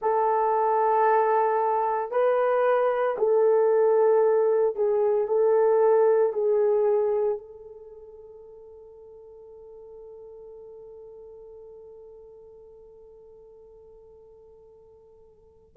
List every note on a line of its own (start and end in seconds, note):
0.01 2.11 A4
2.11 3.16 B4
3.18 4.75 A4
4.75 5.27 G#4
5.27 6.33 A4
6.33 7.37 G#4
7.37 15.76 A4